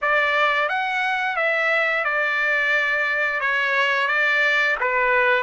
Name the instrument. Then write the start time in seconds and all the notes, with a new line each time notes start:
trumpet
0.01 D5
0.68 F#5
1.36 E5
2.04 D5
3.40 C#5
4.07 D5
4.80 B4